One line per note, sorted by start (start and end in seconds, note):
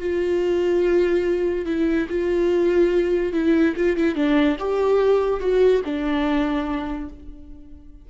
0.00 1.66 F4
1.66 2.08 E4
2.09 3.33 F4
3.33 3.75 E4
3.77 3.97 F4
3.97 4.15 E4
4.15 4.57 D4
4.59 5.40 G4
5.40 5.82 F#4
5.85 7.10 D4